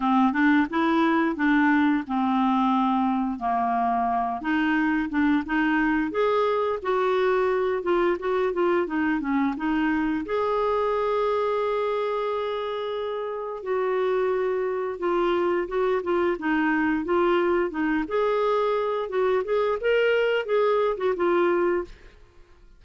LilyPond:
\new Staff \with { instrumentName = "clarinet" } { \time 4/4 \tempo 4 = 88 c'8 d'8 e'4 d'4 c'4~ | c'4 ais4. dis'4 d'8 | dis'4 gis'4 fis'4. f'8 | fis'8 f'8 dis'8 cis'8 dis'4 gis'4~ |
gis'1 | fis'2 f'4 fis'8 f'8 | dis'4 f'4 dis'8 gis'4. | fis'8 gis'8 ais'4 gis'8. fis'16 f'4 | }